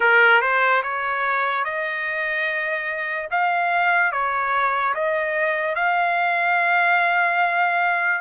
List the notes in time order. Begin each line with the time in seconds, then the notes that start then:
0.00 A#4
0.41 C5
0.83 C#5
1.64 D#5
3.31 F5
4.11 C#5
4.94 D#5
5.75 F5